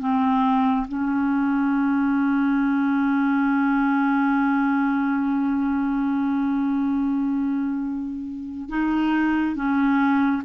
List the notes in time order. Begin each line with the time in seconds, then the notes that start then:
0.00 C4
0.88 C#4
8.70 D#4
9.56 C#4